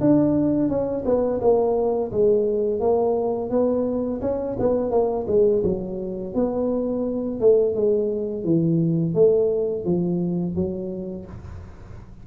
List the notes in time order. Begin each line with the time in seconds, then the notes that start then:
0.00 D4
0.68 C#4
1.05 B3
1.40 A#3
2.11 G#3
2.80 A#3
3.50 B3
4.21 C#4
4.59 B3
4.91 A#3
5.27 G#3
5.63 F#3
6.34 B3
7.40 A3
7.75 G#3
8.44 E3
9.14 A3
9.84 F3
10.55 F#3